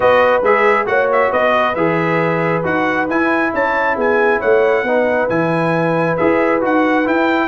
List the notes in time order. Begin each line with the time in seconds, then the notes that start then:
0.00 B3 F#4 B4 D#5
0.42 G#3 G#4 E5
0.85 A#3 F#4 C#5 F#5
1.12 E5
1.30 B3 B4 D#5
1.75 E3 G#4 E5
2.63 D#4 F#4 F#5
3.09 E4 G#5
3.53 C#4 C#5 A5
3.96 B3 G#4 G#5
4.39 A3 C#5 F#5
4.83 B3 D#4 B4
5.29 E3 E4 G#5
6.16 E4 G#4 E5
6.60 D#4 F#4 F#5
7.04 E4 G5